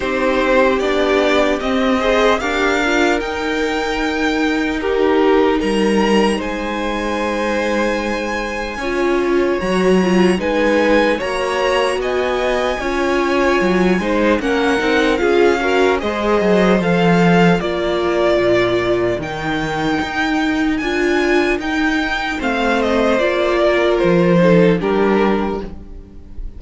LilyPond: <<
  \new Staff \with { instrumentName = "violin" } { \time 4/4 \tempo 4 = 75 c''4 d''4 dis''4 f''4 | g''2 ais'4 ais''4 | gis''1 | ais''4 gis''4 ais''4 gis''4~ |
gis''2 fis''4 f''4 | dis''4 f''4 d''2 | g''2 gis''4 g''4 | f''8 dis''8 d''4 c''4 ais'4 | }
  \new Staff \with { instrumentName = "violin" } { \time 4/4 g'2~ g'8 c''8 ais'4~ | ais'2 g'4 ais'4 | c''2. cis''4~ | cis''4 b'4 cis''4 dis''4 |
cis''4. c''8 ais'4 gis'8 ais'8 | c''2 ais'2~ | ais'1 | c''4. ais'4 a'8 g'4 | }
  \new Staff \with { instrumentName = "viola" } { \time 4/4 dis'4 d'4 c'8 gis'8 g'8 f'8 | dis'1~ | dis'2. f'4 | fis'8 f'8 dis'4 fis'2 |
f'4. dis'8 cis'8 dis'8 f'8 fis'8 | gis'4 a'4 f'2 | dis'2 f'4 dis'4 | c'4 f'4. dis'8 d'4 | }
  \new Staff \with { instrumentName = "cello" } { \time 4/4 c'4 b4 c'4 d'4 | dis'2. g4 | gis2. cis'4 | fis4 gis4 ais4 b4 |
cis'4 fis8 gis8 ais8 c'8 cis'4 | gis8 fis8 f4 ais4 ais,4 | dis4 dis'4 d'4 dis'4 | a4 ais4 f4 g4 | }
>>